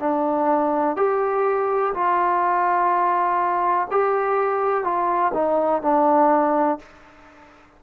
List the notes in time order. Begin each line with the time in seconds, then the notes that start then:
0.00 D4
0.97 G4
1.94 F4
3.91 G4
4.84 F4
5.34 D#4
5.83 D4